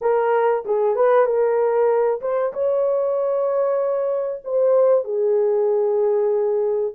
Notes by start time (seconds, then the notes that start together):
0.01 A#4
0.65 G#4
0.95 B4
1.26 A#4
2.21 C5
2.53 C#5
4.44 C5
5.04 G#4